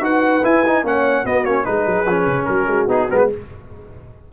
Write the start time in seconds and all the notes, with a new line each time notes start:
0.00 D#4 F#4 B4 F#5
0.43 E4 G#5
0.67 D#4
0.84 A#3 C#4 C#5 F#5
1.25 B3 F#4 D#5
1.45 A#3 C#4 C#5
1.65 G#3 D#4 G#4 B4
1.86 F#3
2.06 F3 C#4
2.26 C#3
2.45 F#3 F#4 A#4
2.67 G#3
2.88 B3 D#4 G#4
3.10 G#3 B3 A#4
3.18 B4